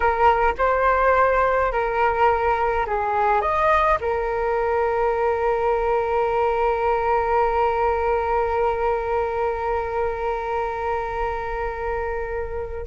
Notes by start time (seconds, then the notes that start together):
0.00 A#4
0.58 C5
1.71 A#4
2.86 G#4
3.41 D#5
4.01 A#4